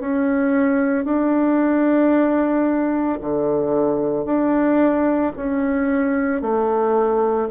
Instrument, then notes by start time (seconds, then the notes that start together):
bassoon
0.00 C#4
1.05 D4
3.21 D3
4.25 D4
5.37 C#4
6.41 A3